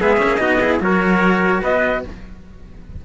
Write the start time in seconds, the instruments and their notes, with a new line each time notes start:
0.00 cello G#3 B3, trumpet G#4 E5
0.18 cello C#4
0.24 cello A#3
0.37 cello B3 D#4, trumpet F#4 D#5
0.61 cello E4, trumpet G#4
0.80 cello F#3 F#4, trumpet A#4 C#5
1.63 cello B3, trumpet B4 D#5